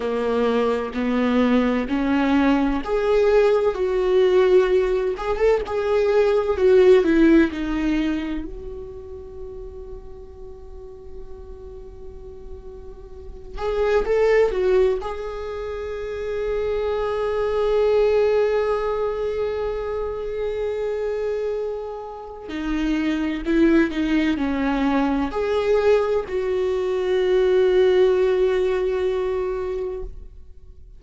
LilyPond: \new Staff \with { instrumentName = "viola" } { \time 4/4 \tempo 4 = 64 ais4 b4 cis'4 gis'4 | fis'4. gis'16 a'16 gis'4 fis'8 e'8 | dis'4 fis'2.~ | fis'2~ fis'8 gis'8 a'8 fis'8 |
gis'1~ | gis'1 | dis'4 e'8 dis'8 cis'4 gis'4 | fis'1 | }